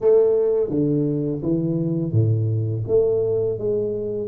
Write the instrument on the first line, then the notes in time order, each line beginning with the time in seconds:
tuba
0.00 A3
0.69 D3
1.42 E3
2.12 A2
2.87 A3
3.58 G#3